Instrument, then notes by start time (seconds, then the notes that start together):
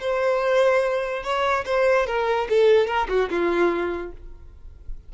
violin
0.00 C5
1.23 C#5
1.66 C5
2.07 A#4
2.50 A4
2.87 A#4
3.09 F#4
3.30 F4